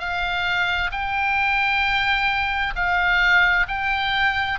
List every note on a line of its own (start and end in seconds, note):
0.00 0.91 F5
0.92 2.74 G5
2.76 3.67 F5
3.68 4.59 G5